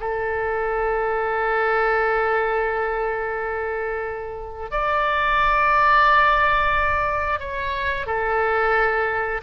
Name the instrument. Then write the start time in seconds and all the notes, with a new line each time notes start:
oboe
0.00 A4
4.71 D5
7.39 C#5
8.06 A4